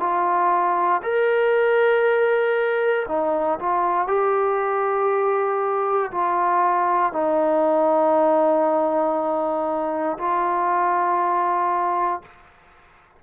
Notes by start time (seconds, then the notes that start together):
0.00 F4
1.03 A#4
3.08 D#4
3.60 F4
4.08 G4
6.12 F4
7.13 D#4
10.18 F4